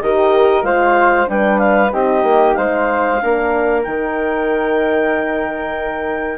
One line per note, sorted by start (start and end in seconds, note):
0.00 0.62 D#3
0.00 0.63 G4
0.00 0.65 A#4
0.00 0.63 D#5
0.62 1.26 G#3
0.62 1.26 F4
0.62 1.29 C5
0.62 1.27 F5
1.26 1.93 G3
1.26 1.90 D4
1.26 1.93 B4
1.26 1.58 G5
1.58 1.90 F5
1.92 2.23 C4
1.92 3.20 D#4
1.92 2.57 G4
1.92 2.54 D#5
2.23 2.55 A#3
2.54 3.22 G#3
2.54 3.21 C5
2.54 3.82 F5
3.21 3.86 A#3
3.21 3.84 D4
3.21 6.38 A#4
3.83 6.38 D#3
3.83 6.38 D#4
3.83 6.38 G5